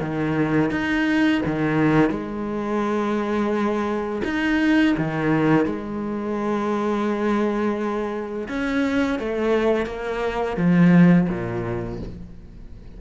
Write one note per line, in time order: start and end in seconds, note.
0.00 0.71 D#3
0.71 1.41 D#4
1.46 2.10 D#3
2.10 4.22 G#3
4.24 4.95 D#4
4.97 5.65 D#3
5.65 8.48 G#3
8.48 9.19 C#4
9.19 9.86 A3
9.86 10.56 A#3
10.57 11.27 F3
11.28 11.99 A#2